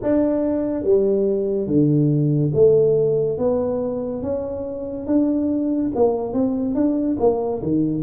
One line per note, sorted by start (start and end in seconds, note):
0.02 0.83 D4
0.83 1.67 G3
1.67 2.51 D3
2.54 3.38 A3
3.38 4.22 B3
4.22 5.07 C#4
5.07 5.91 D4
5.95 6.33 A#3
6.33 6.74 C4
6.74 7.16 D4
7.19 7.61 A#3
7.62 8.02 D#3